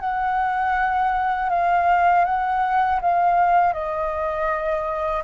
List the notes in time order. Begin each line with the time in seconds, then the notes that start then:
0.00 F#5
1.49 F5
2.25 F#5
3.01 F5
3.73 D#5